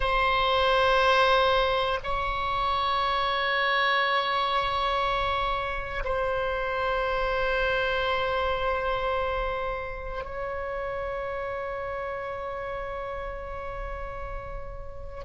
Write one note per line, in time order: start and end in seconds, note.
0.00 1.99 C5
2.03 6.03 C#5
6.04 10.24 C5
10.24 15.24 C#5